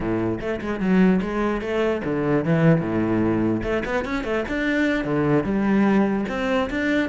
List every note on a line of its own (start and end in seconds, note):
0.00 0.39 A2
0.40 0.60 A3
0.61 0.79 G#3
0.79 1.20 F#3
1.21 1.61 G#3
1.61 2.01 A3
2.04 2.44 D3
2.44 2.81 E3
2.81 3.62 A2
3.62 3.83 A3
3.85 4.04 B3
4.04 4.24 C#4
4.24 4.44 A3
4.48 5.04 D4
5.04 5.44 D3
5.44 6.25 G3
6.29 6.69 C4
6.70 7.09 D4